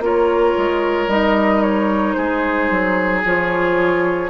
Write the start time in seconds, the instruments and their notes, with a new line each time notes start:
0.00 bassoon A#3, clarinet F4, oboe A#4, flute C#5
0.58 bassoon G#3
1.08 bassoon G3, clarinet D#4, flute D#5
1.62 flute C#5
2.13 bassoon G#3, oboe G#4, flute C5
2.71 bassoon F#3
3.25 bassoon F3, clarinet F4, flute C#5